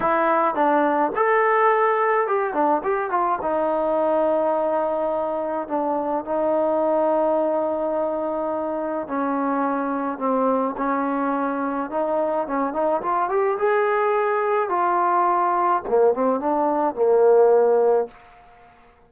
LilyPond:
\new Staff \with { instrumentName = "trombone" } { \time 4/4 \tempo 4 = 106 e'4 d'4 a'2 | g'8 d'8 g'8 f'8 dis'2~ | dis'2 d'4 dis'4~ | dis'1 |
cis'2 c'4 cis'4~ | cis'4 dis'4 cis'8 dis'8 f'8 g'8 | gis'2 f'2 | ais8 c'8 d'4 ais2 | }